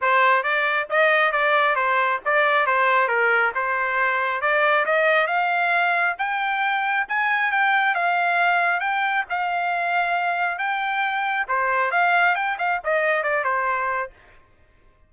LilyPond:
\new Staff \with { instrumentName = "trumpet" } { \time 4/4 \tempo 4 = 136 c''4 d''4 dis''4 d''4 | c''4 d''4 c''4 ais'4 | c''2 d''4 dis''4 | f''2 g''2 |
gis''4 g''4 f''2 | g''4 f''2. | g''2 c''4 f''4 | g''8 f''8 dis''4 d''8 c''4. | }